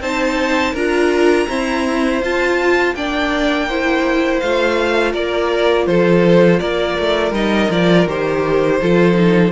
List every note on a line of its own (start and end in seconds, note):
0.00 0.73 C4
0.00 0.76 D#4
0.00 0.73 C5
0.00 0.75 A5
0.73 1.47 D4
0.73 1.47 F4
0.73 1.46 A#4
0.73 2.21 A#5
1.47 2.21 C4
1.47 2.22 E4
1.47 2.95 C5
2.21 2.94 F4
2.21 2.95 F4
2.21 2.95 A5
2.95 4.41 A#3
2.95 3.69 D4
2.95 3.68 D5
2.95 4.39 G5
3.68 4.43 E4
3.68 5.12 C5
4.39 5.13 A3
4.39 7.33 F4
4.39 5.13 F5
5.12 5.86 A#3
5.12 5.85 A#4
5.12 5.86 D5
5.86 6.60 F3
5.86 6.59 A4
5.86 6.59 C5
6.59 6.98 A#3
6.59 8.79 A#4
6.59 7.32 D5
6.98 7.31 A3
7.31 7.68 G3
7.31 7.70 D#4
7.31 7.71 D#5
7.69 8.06 F3
7.69 8.08 F4
7.69 8.08 D5
8.07 8.80 D#3
8.07 8.81 G4
8.07 9.52 C5
8.81 9.52 F3
8.81 9.14 F4
8.81 9.52 A4
9.14 9.50 D#4